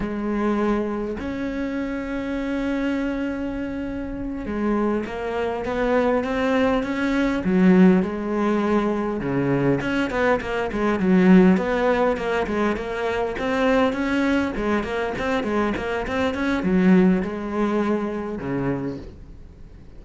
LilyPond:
\new Staff \with { instrumentName = "cello" } { \time 4/4 \tempo 4 = 101 gis2 cis'2~ | cis'2.~ cis'8 gis8~ | gis8 ais4 b4 c'4 cis'8~ | cis'8 fis4 gis2 cis8~ |
cis8 cis'8 b8 ais8 gis8 fis4 b8~ | b8 ais8 gis8 ais4 c'4 cis'8~ | cis'8 gis8 ais8 c'8 gis8 ais8 c'8 cis'8 | fis4 gis2 cis4 | }